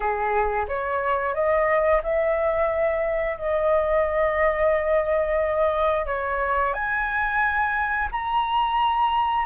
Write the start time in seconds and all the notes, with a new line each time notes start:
0.00 G#4
0.67 C#5
1.34 D#5
2.03 E5
3.37 D#5
6.06 C#5
6.73 G#5
8.11 A#5